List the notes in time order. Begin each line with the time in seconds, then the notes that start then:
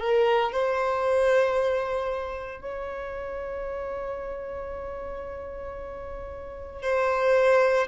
0.00 A#4
0.52 C5
2.61 C#5
6.82 C5